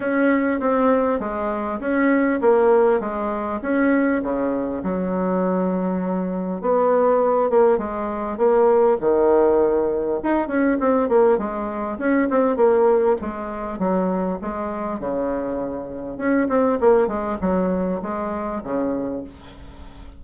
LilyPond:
\new Staff \with { instrumentName = "bassoon" } { \time 4/4 \tempo 4 = 100 cis'4 c'4 gis4 cis'4 | ais4 gis4 cis'4 cis4 | fis2. b4~ | b8 ais8 gis4 ais4 dis4~ |
dis4 dis'8 cis'8 c'8 ais8 gis4 | cis'8 c'8 ais4 gis4 fis4 | gis4 cis2 cis'8 c'8 | ais8 gis8 fis4 gis4 cis4 | }